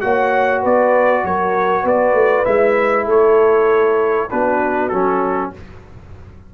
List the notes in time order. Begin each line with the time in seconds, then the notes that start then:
0.00 A#3 F#4 C#5 F#5
0.61 B3 B4 D5
1.24 F#3 A#4 C#5
1.82 B3 B4 D5
2.13 A3
2.45 G#3 E4 E5
3.05 A3 A4 C#5
4.30 B3 D4 F#4 B4
4.88 F#3 C#4 A4